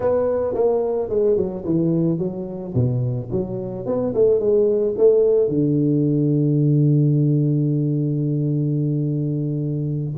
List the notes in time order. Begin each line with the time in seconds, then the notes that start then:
0.00 B3
0.54 A#3
1.09 G#3
1.36 F#3
1.64 E3
2.18 F#3
2.74 B2
3.31 F#3
3.86 B3
4.14 A3
4.39 G#3
4.97 A3
5.48 D3